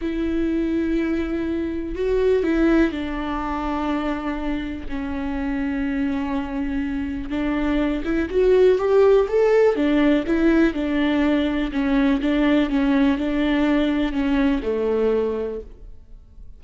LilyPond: \new Staff \with { instrumentName = "viola" } { \time 4/4 \tempo 4 = 123 e'1 | fis'4 e'4 d'2~ | d'2 cis'2~ | cis'2. d'4~ |
d'8 e'8 fis'4 g'4 a'4 | d'4 e'4 d'2 | cis'4 d'4 cis'4 d'4~ | d'4 cis'4 a2 | }